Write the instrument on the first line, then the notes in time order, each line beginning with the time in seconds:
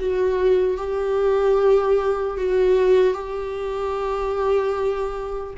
viola
0.00 F#4
0.78 G4
2.38 F#4
3.14 G4